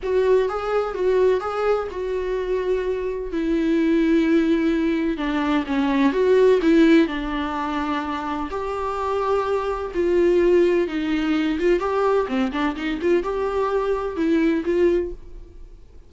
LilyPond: \new Staff \with { instrumentName = "viola" } { \time 4/4 \tempo 4 = 127 fis'4 gis'4 fis'4 gis'4 | fis'2. e'4~ | e'2. d'4 | cis'4 fis'4 e'4 d'4~ |
d'2 g'2~ | g'4 f'2 dis'4~ | dis'8 f'8 g'4 c'8 d'8 dis'8 f'8 | g'2 e'4 f'4 | }